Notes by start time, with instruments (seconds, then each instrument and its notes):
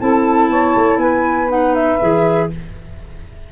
0.00 tuba C4, clarinet E4, saxophone A4, flute A5
0.50 tuba B3, saxophone C#5
0.76 tuba A3
0.97 tuba B3, saxophone B4, flute G#5
1.49 clarinet D#4, flute F#5
1.75 flute E5
2.01 tuba E3, clarinet G#4